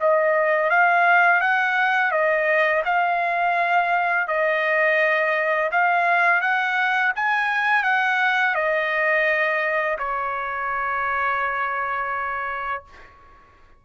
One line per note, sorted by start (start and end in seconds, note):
0.00 0.70 D#5
0.70 1.41 F5
1.41 2.11 F#5
2.11 2.83 D#5
2.85 4.28 F5
4.28 5.70 D#5
5.72 6.41 F5
6.41 7.13 F#5
7.16 7.83 G#5
7.83 8.55 F#5
8.55 9.97 D#5
9.98 12.84 C#5